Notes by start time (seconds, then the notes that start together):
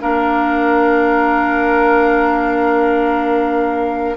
0.00 A#3 D4 A#4 F5